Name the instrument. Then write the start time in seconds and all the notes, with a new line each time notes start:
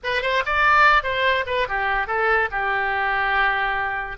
oboe
0.03 B4
0.22 C5
0.45 D5
1.03 C5
1.46 B4
1.68 G4
2.07 A4
2.51 G4